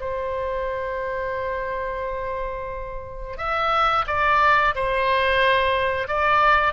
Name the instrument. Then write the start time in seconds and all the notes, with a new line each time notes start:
oboe
0.00 C5
3.37 E5
4.07 D5
4.74 C5
6.08 D5